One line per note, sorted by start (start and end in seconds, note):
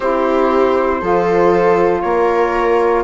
0.00 1.01 C4
0.00 1.02 E4
0.00 1.00 G4
0.00 2.01 C5
1.00 2.03 F3
1.00 3.04 F4
1.00 2.02 A4
2.01 3.04 A#3
2.01 3.04 A#4
2.01 3.03 C#5